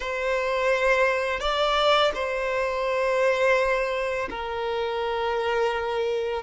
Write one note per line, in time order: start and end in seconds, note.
0.00 1.40 C5
1.40 2.11 D5
2.14 4.28 C5
4.30 6.43 A#4